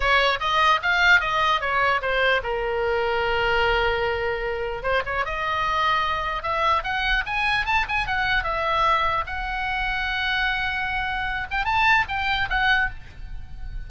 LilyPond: \new Staff \with { instrumentName = "oboe" } { \time 4/4 \tempo 4 = 149 cis''4 dis''4 f''4 dis''4 | cis''4 c''4 ais'2~ | ais'1 | c''8 cis''8 dis''2. |
e''4 fis''4 gis''4 a''8 gis''8 | fis''4 e''2 fis''4~ | fis''1~ | fis''8 g''8 a''4 g''4 fis''4 | }